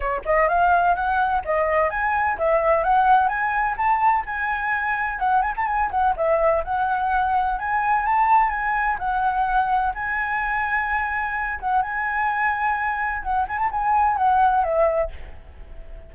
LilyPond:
\new Staff \with { instrumentName = "flute" } { \time 4/4 \tempo 4 = 127 cis''8 dis''8 f''4 fis''4 dis''4 | gis''4 e''4 fis''4 gis''4 | a''4 gis''2 fis''8 gis''16 a''16 | gis''8 fis''8 e''4 fis''2 |
gis''4 a''4 gis''4 fis''4~ | fis''4 gis''2.~ | gis''8 fis''8 gis''2. | fis''8 gis''16 a''16 gis''4 fis''4 e''4 | }